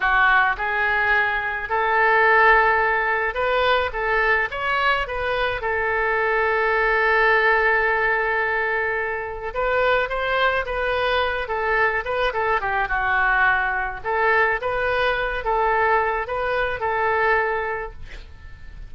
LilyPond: \new Staff \with { instrumentName = "oboe" } { \time 4/4 \tempo 4 = 107 fis'4 gis'2 a'4~ | a'2 b'4 a'4 | cis''4 b'4 a'2~ | a'1~ |
a'4 b'4 c''4 b'4~ | b'8 a'4 b'8 a'8 g'8 fis'4~ | fis'4 a'4 b'4. a'8~ | a'4 b'4 a'2 | }